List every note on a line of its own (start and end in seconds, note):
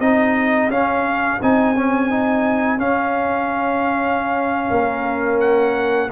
0.00 0.69 C4
0.00 0.71 D#4
0.00 4.70 G#4
0.00 0.70 D#5
0.69 1.38 C#4
0.69 1.41 C#4
0.69 1.41 F5
1.42 2.77 C4
1.42 1.75 D#4
1.42 2.79 G#5
1.75 2.10 C#4
2.10 2.78 D#4
2.77 4.69 C#4
2.77 6.10 C#4
2.77 5.40 F5
4.70 6.10 A#3
4.70 6.09 A#4
5.40 6.10 F#5